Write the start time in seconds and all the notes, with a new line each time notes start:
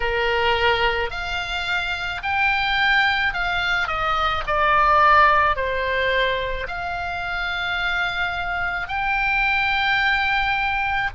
0.00 A#4
1.10 F5
2.22 G5
3.33 F5
3.87 D#5
4.46 D5
5.56 C5
6.67 F5
8.87 G5